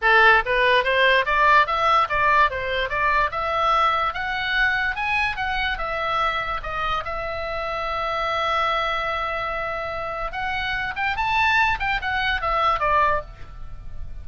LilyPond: \new Staff \with { instrumentName = "oboe" } { \time 4/4 \tempo 4 = 145 a'4 b'4 c''4 d''4 | e''4 d''4 c''4 d''4 | e''2 fis''2 | gis''4 fis''4 e''2 |
dis''4 e''2.~ | e''1~ | e''4 fis''4. g''8 a''4~ | a''8 g''8 fis''4 e''4 d''4 | }